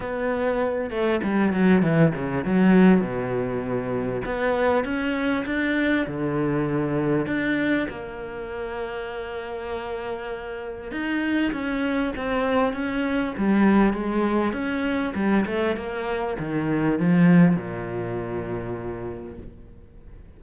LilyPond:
\new Staff \with { instrumentName = "cello" } { \time 4/4 \tempo 4 = 99 b4. a8 g8 fis8 e8 cis8 | fis4 b,2 b4 | cis'4 d'4 d2 | d'4 ais2.~ |
ais2 dis'4 cis'4 | c'4 cis'4 g4 gis4 | cis'4 g8 a8 ais4 dis4 | f4 ais,2. | }